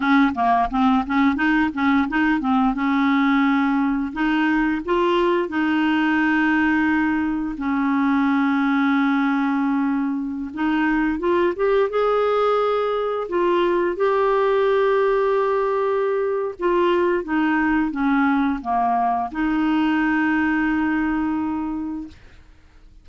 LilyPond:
\new Staff \with { instrumentName = "clarinet" } { \time 4/4 \tempo 4 = 87 cis'8 ais8 c'8 cis'8 dis'8 cis'8 dis'8 c'8 | cis'2 dis'4 f'4 | dis'2. cis'4~ | cis'2.~ cis'16 dis'8.~ |
dis'16 f'8 g'8 gis'2 f'8.~ | f'16 g'2.~ g'8. | f'4 dis'4 cis'4 ais4 | dis'1 | }